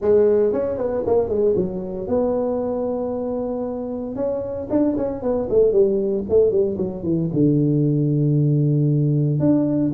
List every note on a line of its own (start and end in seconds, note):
0.01 0.52 G#3
0.52 0.77 C#4
0.77 1.03 B3
1.06 1.28 A#3
1.28 1.54 G#3
1.56 2.07 F#3
2.07 4.15 B3
4.15 4.67 C#4
4.70 4.96 D4
4.97 5.22 C#4
5.22 5.48 B3
5.49 5.72 A3
5.72 6.24 G3
6.29 6.50 A3
6.50 6.76 G3
6.77 7.03 F#3
7.03 7.29 E3
7.33 9.39 D3
9.39 9.91 D4